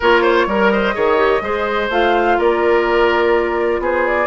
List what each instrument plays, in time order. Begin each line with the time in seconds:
0.00 bassoon A#3, clarinet F4, oboe A#4, flute C#5
0.22 oboe C5
0.46 bassoon G3, oboe A#4, clarinet A#4
0.70 oboe C5, flute D#5
0.94 bassoon D#3, clarinet G#4, oboe C#5
1.16 clarinet G4
1.41 bassoon G#3, clarinet G#4, oboe C5
1.89 bassoon A3, clarinet F4, flute F5
2.38 bassoon A#3, oboe A#4, flute D5
3.79 bassoon B3, oboe G#4, flute C5
4.06 flute D5